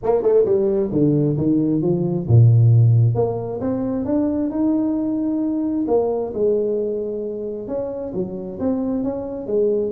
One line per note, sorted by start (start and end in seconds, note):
0.03 0.22 A#3
0.22 0.44 A3
0.45 0.90 G3
0.91 1.37 D3
1.37 1.81 D#3
1.81 2.27 F3
2.27 3.15 A#2
3.15 3.60 A#3
3.60 4.05 C4
4.05 4.50 D4
4.50 5.85 D#4
5.87 6.32 A#3
6.33 7.67 G#3
7.67 8.12 C#4
8.13 8.59 F#3
8.59 9.03 C4
9.03 9.47 C#4
9.47 9.91 G#3